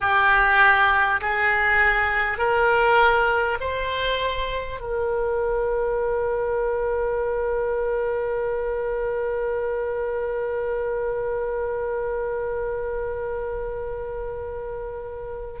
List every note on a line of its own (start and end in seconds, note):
0.00 1.20 G4
1.21 2.37 G#4
2.37 3.57 A#4
3.60 4.79 C5
4.79 15.59 A#4